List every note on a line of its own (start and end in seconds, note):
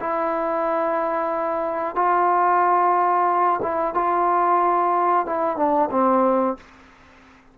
0.00 1.95 E4
1.95 3.60 F4
3.62 3.94 E4
3.94 5.26 F4
5.26 5.56 E4
5.56 5.89 D4
5.91 6.57 C4